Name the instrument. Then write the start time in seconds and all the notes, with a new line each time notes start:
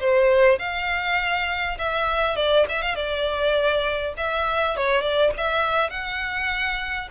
violin
0.00 C5
0.59 F5
1.78 E5
2.36 D5
2.69 E5
2.82 F5
2.95 D5
4.17 E5
4.77 C#5
5.01 D5
5.37 E5
5.90 F#5